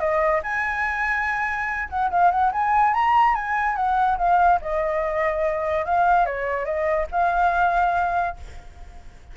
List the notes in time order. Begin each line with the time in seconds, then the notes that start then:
0.00 D#5
0.43 G#5
1.90 F#5
2.11 F5
2.31 F#5
2.52 G#5
2.94 A#5
3.35 G#5
3.76 F#5
4.18 F5
4.61 D#5
5.86 F5
6.26 C#5
6.65 D#5
7.12 F5